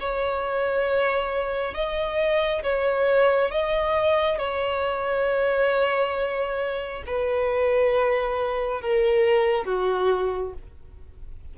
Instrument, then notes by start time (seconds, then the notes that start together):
violin
0.00 C#5
1.75 D#5
2.63 C#5
3.51 D#5
4.38 C#5
7.07 B4
8.82 A#4
9.65 F#4